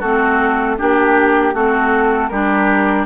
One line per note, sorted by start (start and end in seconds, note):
0.00 0.79 A3
0.00 0.78 C4
0.00 0.76 F#4
0.00 0.77 A4
0.78 1.54 A#3
0.78 1.54 D4
0.78 1.54 G4
0.78 1.55 G4
1.54 2.30 A3
1.54 2.31 C4
1.54 2.30 F#4
1.54 2.29 A4
2.29 3.06 G3
2.29 3.06 D4
2.29 3.06 G4
2.29 3.05 A#4